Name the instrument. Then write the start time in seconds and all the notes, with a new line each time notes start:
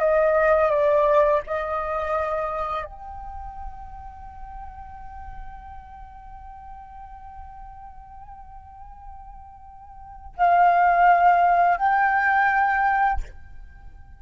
flute
0.00 D#5
0.70 D5
1.47 D#5
2.85 G5
10.37 F5
11.78 G5